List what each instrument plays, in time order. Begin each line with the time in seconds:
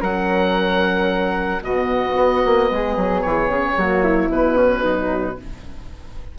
0.00 bassoon F#3, horn C#4, flute A#4, oboe F#5
1.61 bassoon B2, horn B3, flute F#4, oboe D#5
2.15 bassoon B3
2.44 bassoon A#3
2.70 bassoon G#3, flute G#4
2.96 bassoon F#3
3.21 bassoon E3, oboe C#5
3.48 bassoon C#3
3.77 bassoon F#3, horn A#3, flute F#4
4.03 flute E4
4.29 bassoon B2, horn B3, oboe B4
4.56 flute C#4
4.83 horn F#3, flute D#4